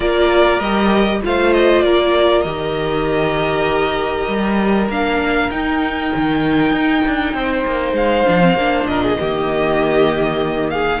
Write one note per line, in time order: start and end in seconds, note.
0.00 0.59 A#3
0.00 0.61 F4
0.00 1.20 A#4
0.00 0.59 D5
0.59 1.21 G3
0.59 1.22 G4
0.59 1.20 D#5
1.22 1.83 A3
1.22 2.45 F4
1.22 1.85 C5
1.22 1.52 F5
1.52 1.82 D#5
1.82 2.44 A#3
1.82 7.36 A#4
1.82 2.42 D5
2.42 4.27 D#3
2.42 4.90 G4
2.42 4.87 D#5
4.27 4.88 G3
4.88 5.50 A#3
4.88 5.51 D4
4.88 5.50 F5
5.50 6.11 D#4
5.50 8.26 D#4
5.50 7.95 G5
6.15 6.71 D#3
6.71 7.02 D#4
7.06 7.34 D4
7.34 7.64 C4
7.34 8.89 C5
7.66 7.92 A#3
7.92 8.23 G#3
7.92 8.86 F5
8.26 8.54 F3
8.26 8.40 D4
8.40 8.56 C4
8.54 8.85 A#3
8.54 9.17 D4
8.85 9.16 A#2
8.85 9.02 A#4
8.85 10.70 D#5
9.02 9.18 G#4
9.17 11.00 D#3
9.17 11.00 A#3
9.17 10.72 G4
10.70 11.00 G#4
10.70 11.00 F5